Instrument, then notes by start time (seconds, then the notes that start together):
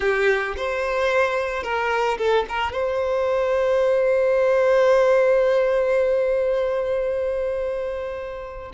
violin
0.00 G4
0.57 C5
1.63 A#4
2.18 A4
2.48 A#4
2.72 C5